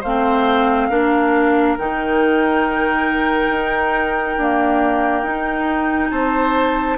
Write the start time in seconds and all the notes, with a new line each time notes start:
0.00 A3 C4 C5 F5
0.89 A#3 D4 A#4
1.78 D#3 D#4 G5
3.49 D#4
4.37 A#3 D4
5.23 D#4
6.10 C4 C5 A5